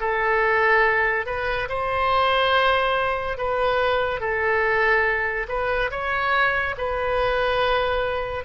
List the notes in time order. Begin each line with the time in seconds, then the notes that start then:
0.00 A4
1.26 B4
1.69 C5
3.38 B4
4.20 A4
5.49 B4
5.91 C#5
6.78 B4